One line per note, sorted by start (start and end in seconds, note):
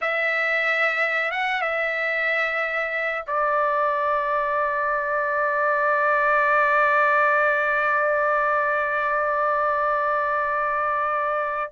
0.01 1.31 E5
1.31 1.61 F#5
1.61 3.24 E5
3.26 11.72 D5